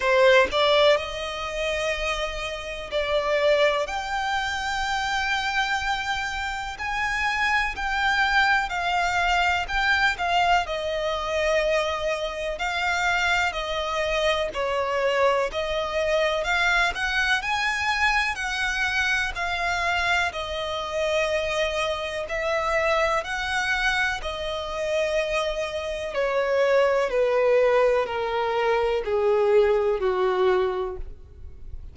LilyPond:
\new Staff \with { instrumentName = "violin" } { \time 4/4 \tempo 4 = 62 c''8 d''8 dis''2 d''4 | g''2. gis''4 | g''4 f''4 g''8 f''8 dis''4~ | dis''4 f''4 dis''4 cis''4 |
dis''4 f''8 fis''8 gis''4 fis''4 | f''4 dis''2 e''4 | fis''4 dis''2 cis''4 | b'4 ais'4 gis'4 fis'4 | }